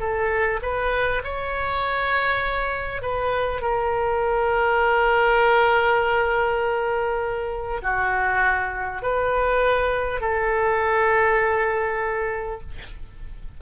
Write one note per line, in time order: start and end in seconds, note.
0.00 0.60 A4
0.63 1.23 B4
1.24 3.02 C#5
3.02 3.62 B4
3.62 7.82 A#4
7.83 9.02 F#4
9.02 10.21 B4
10.21 12.61 A4